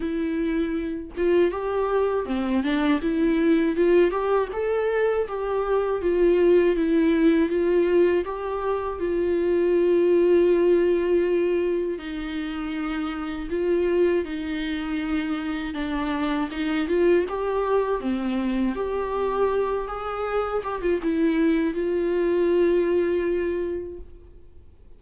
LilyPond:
\new Staff \with { instrumentName = "viola" } { \time 4/4 \tempo 4 = 80 e'4. f'8 g'4 c'8 d'8 | e'4 f'8 g'8 a'4 g'4 | f'4 e'4 f'4 g'4 | f'1 |
dis'2 f'4 dis'4~ | dis'4 d'4 dis'8 f'8 g'4 | c'4 g'4. gis'4 g'16 f'16 | e'4 f'2. | }